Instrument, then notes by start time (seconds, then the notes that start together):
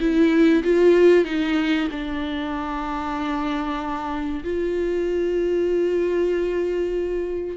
viola
0.00 E4
0.64 F4
1.25 D#4
1.91 D4
4.44 F4